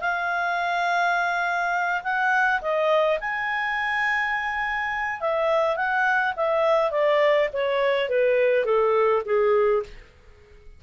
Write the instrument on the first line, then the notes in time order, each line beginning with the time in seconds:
clarinet
0.00 F5
2.03 F#5
2.61 D#5
3.20 G#5
5.20 E5
5.76 F#5
6.36 E5
6.91 D5
7.53 C#5
8.09 B4
8.65 A4
9.25 G#4